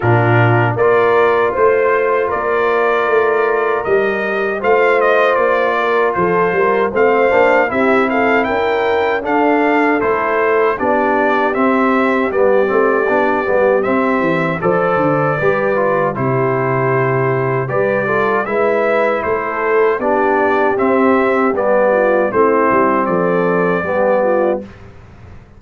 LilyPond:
<<
  \new Staff \with { instrumentName = "trumpet" } { \time 4/4 \tempo 4 = 78 ais'4 d''4 c''4 d''4~ | d''4 dis''4 f''8 dis''8 d''4 | c''4 f''4 e''8 f''8 g''4 | f''4 c''4 d''4 e''4 |
d''2 e''4 d''4~ | d''4 c''2 d''4 | e''4 c''4 d''4 e''4 | d''4 c''4 d''2 | }
  \new Staff \with { instrumentName = "horn" } { \time 4/4 f'4 ais'4 c''4 ais'4~ | ais'2 c''4. ais'8 | a'8 ais'8 c''4 g'8 a'8 ais'4 | a'2 g'2~ |
g'2. c''4 | b'4 g'2 b'8 a'8 | b'4 a'4 g'2~ | g'8 f'8 e'4 a'4 g'8 f'8 | }
  \new Staff \with { instrumentName = "trombone" } { \time 4/4 d'4 f'2.~ | f'4 g'4 f'2~ | f'4 c'8 d'8 e'2 | d'4 e'4 d'4 c'4 |
b8 c'8 d'8 b8 c'4 a'4 | g'8 f'8 e'2 g'8 f'8 | e'2 d'4 c'4 | b4 c'2 b4 | }
  \new Staff \with { instrumentName = "tuba" } { \time 4/4 ais,4 ais4 a4 ais4 | a4 g4 a4 ais4 | f8 g8 a8 ais8 c'4 cis'4 | d'4 a4 b4 c'4 |
g8 a8 b8 g8 c'8 e8 f8 d8 | g4 c2 g4 | gis4 a4 b4 c'4 | g4 a8 g8 f4 g4 | }
>>